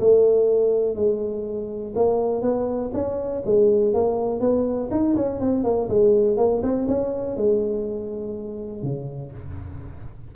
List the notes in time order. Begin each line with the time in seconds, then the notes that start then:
0.00 A3
0.96 G#3
1.96 A#3
2.42 B3
2.94 C#4
3.46 G#3
3.94 A#3
4.40 B3
4.91 D#4
5.16 C#4
5.40 C4
5.64 A#3
5.89 G#3
6.37 A#3
6.63 C4
6.88 C#4
7.37 G#3
8.83 C#3